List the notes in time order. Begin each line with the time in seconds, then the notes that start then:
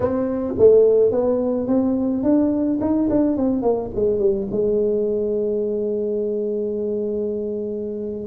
0.00 C4
0.58 A3
1.11 B3
1.67 C4
2.23 D4
2.80 D#4
3.09 D4
3.36 C4
3.62 A#3
3.95 G#3
4.19 G3
4.51 G#3